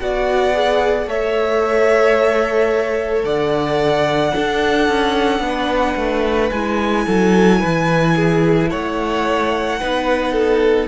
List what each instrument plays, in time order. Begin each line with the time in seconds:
0.00 cello B3, viola F#4, violin D5 F#5
0.54 viola G#4
1.06 cello A3, viola A4, violin C#5 E5
3.24 cello D3, violin D5 F#5
4.34 viola D4, cello D4, violin A4
4.89 cello C#4
5.40 cello B3
5.47 violin B4
5.97 cello A3
6.51 cello G#3, viola E4, violin G#5
7.06 cello F#3, violin A4
7.60 cello E3, violin B4
8.17 violin G#4
8.71 cello A3, violin C#5 F#5
9.80 cello B3, viola D#4, violin B4
10.33 violin A4